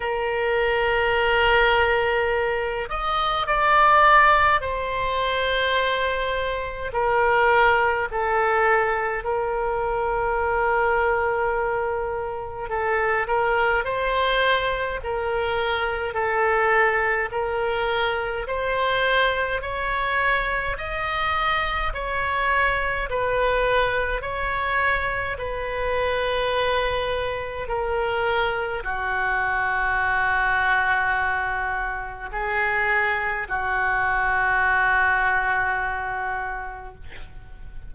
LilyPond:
\new Staff \with { instrumentName = "oboe" } { \time 4/4 \tempo 4 = 52 ais'2~ ais'8 dis''8 d''4 | c''2 ais'4 a'4 | ais'2. a'8 ais'8 | c''4 ais'4 a'4 ais'4 |
c''4 cis''4 dis''4 cis''4 | b'4 cis''4 b'2 | ais'4 fis'2. | gis'4 fis'2. | }